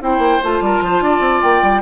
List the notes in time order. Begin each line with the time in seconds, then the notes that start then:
0.00 C4 E4 C5 G5
0.18 A#3
0.42 A3 F4 A5
0.60 G3 A#4
0.81 F3 C5
1.00 D4 D5
1.20 C4
1.41 A#3 G5
1.62 G3